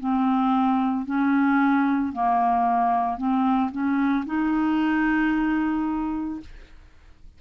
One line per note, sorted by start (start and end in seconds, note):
0.00 1.06 C4
1.06 2.13 C#4
2.13 3.17 A#3
3.17 3.71 C4
3.71 4.25 C#4
4.26 6.40 D#4